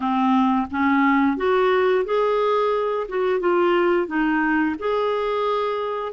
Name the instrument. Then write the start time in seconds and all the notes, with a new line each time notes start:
clarinet
0.00 C4
0.70 C#4
1.36 F#4
2.05 G#4
3.08 F#4
3.40 F4
4.07 D#4
4.78 G#4